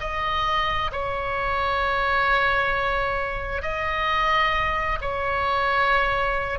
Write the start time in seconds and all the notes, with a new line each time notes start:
0.00 D#5
0.92 C#5
3.62 D#5
5.01 C#5